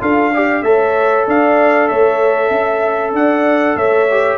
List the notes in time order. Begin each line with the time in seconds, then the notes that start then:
0.00 D4 F4 A4 F5
0.34 G4 D5
0.63 A3 A4 C#5 E5
1.27 D4 D5 F5
1.88 A3 C#5 E5
2.50 C#4 E5
3.13 D4 D5 F#5
3.76 A3 C#5 E5
4.10 G4